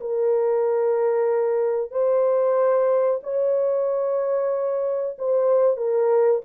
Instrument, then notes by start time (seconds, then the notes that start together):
horn
0.00 A#4
1.91 C5
3.23 C#5
5.18 C5
5.77 A#4